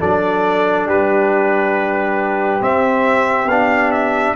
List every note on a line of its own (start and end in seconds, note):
0.00 0.87 F#3
0.00 2.61 D4
0.00 0.87 A4
0.00 0.89 D5
0.87 2.61 G3
0.87 4.35 G4
0.87 2.63 B4
2.61 3.48 C4
2.61 3.46 C4
2.61 3.49 E5
3.46 4.33 B3
3.46 4.36 D4
3.46 3.92 F5
3.92 4.35 E5